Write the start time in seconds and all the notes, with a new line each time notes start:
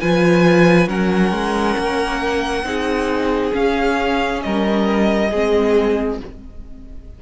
0.00 F3 F4 B4 G#5
0.87 F#3 C#4 A#4 F#5
1.31 G#3
1.78 A#3
2.63 C4 D#4 G#4
3.52 C#4 F5
4.42 G3 A#4 D#5
5.30 G#3 C4 G#4